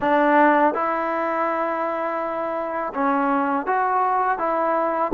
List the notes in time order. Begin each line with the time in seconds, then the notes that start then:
0.00 D4
0.74 E4
2.94 C#4
3.66 F#4
4.38 E4